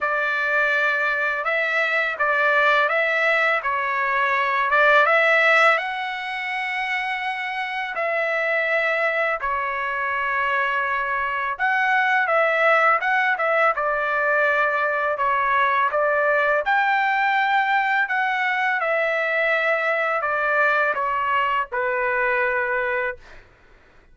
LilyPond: \new Staff \with { instrumentName = "trumpet" } { \time 4/4 \tempo 4 = 83 d''2 e''4 d''4 | e''4 cis''4. d''8 e''4 | fis''2. e''4~ | e''4 cis''2. |
fis''4 e''4 fis''8 e''8 d''4~ | d''4 cis''4 d''4 g''4~ | g''4 fis''4 e''2 | d''4 cis''4 b'2 | }